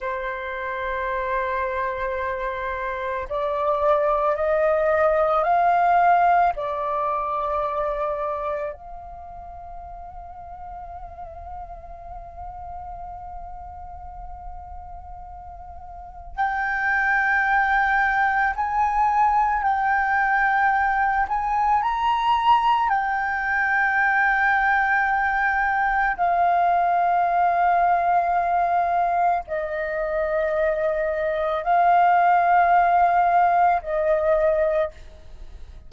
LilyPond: \new Staff \with { instrumentName = "flute" } { \time 4/4 \tempo 4 = 55 c''2. d''4 | dis''4 f''4 d''2 | f''1~ | f''2. g''4~ |
g''4 gis''4 g''4. gis''8 | ais''4 g''2. | f''2. dis''4~ | dis''4 f''2 dis''4 | }